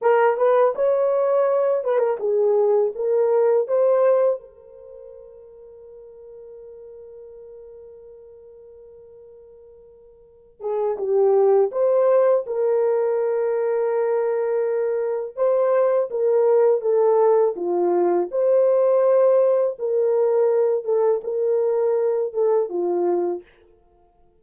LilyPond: \new Staff \with { instrumentName = "horn" } { \time 4/4 \tempo 4 = 82 ais'8 b'8 cis''4. b'16 ais'16 gis'4 | ais'4 c''4 ais'2~ | ais'1~ | ais'2~ ais'8 gis'8 g'4 |
c''4 ais'2.~ | ais'4 c''4 ais'4 a'4 | f'4 c''2 ais'4~ | ais'8 a'8 ais'4. a'8 f'4 | }